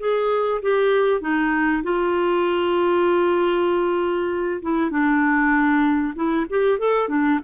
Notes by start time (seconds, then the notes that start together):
0.00 G#4
0.63 G4
1.21 D#4
1.84 F4
4.62 E4
4.91 D4
6.16 E4
6.50 G4
6.79 A4
7.09 D4